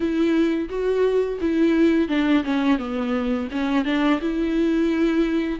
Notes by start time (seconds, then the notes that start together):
0.00 E4
0.68 F#4
1.40 E4
2.08 D4
2.44 C#4
2.78 B3
3.51 C#4
3.85 D4
4.21 E4